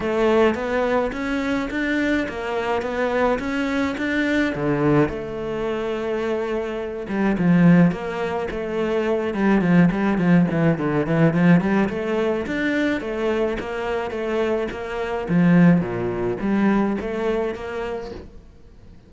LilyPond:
\new Staff \with { instrumentName = "cello" } { \time 4/4 \tempo 4 = 106 a4 b4 cis'4 d'4 | ais4 b4 cis'4 d'4 | d4 a2.~ | a8 g8 f4 ais4 a4~ |
a8 g8 f8 g8 f8 e8 d8 e8 | f8 g8 a4 d'4 a4 | ais4 a4 ais4 f4 | ais,4 g4 a4 ais4 | }